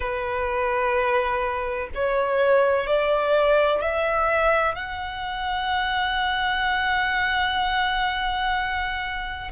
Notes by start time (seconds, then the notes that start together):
0.00 B4
1.94 C#5
2.87 D5
3.81 E5
4.74 F#5